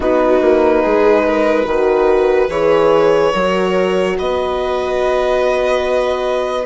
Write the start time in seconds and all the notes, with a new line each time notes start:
0.00 B3 D#4 F#4 B4
0.41 A#3
0.82 G#3 G#4
1.26 A#4
1.65 D#3 F#4 B4
2.49 E3 G#4 C#5
3.32 F#3 F#4 A#4
4.18 B3 B4 D#5